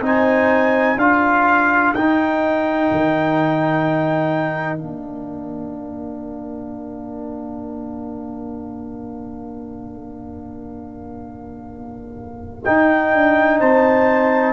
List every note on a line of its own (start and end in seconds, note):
0.00 0.95 C4
0.00 0.97 D#4
0.00 0.99 C5
0.00 0.98 G#5
0.97 1.92 D4
0.97 1.95 F4
0.97 13.59 A#4
0.97 1.93 F5
1.94 2.89 D#4
1.94 4.77 D#4
1.94 4.77 G5
2.91 4.81 D#3
4.77 12.67 A#3
4.77 12.63 D4
4.77 12.63 F5
12.64 14.53 D#4
12.64 13.13 D#4
12.64 13.59 G5
13.13 13.61 D4
13.59 14.53 C4
13.59 14.53 C5
13.59 14.53 A5